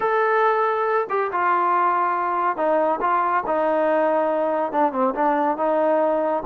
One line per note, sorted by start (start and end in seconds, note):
0.00 1.07 A4
1.09 1.31 G4
1.31 2.56 F4
2.56 2.99 D#4
3.00 3.43 F4
3.46 4.72 D#4
4.72 4.92 D4
4.92 5.14 C4
5.14 5.57 D4
5.57 6.43 D#4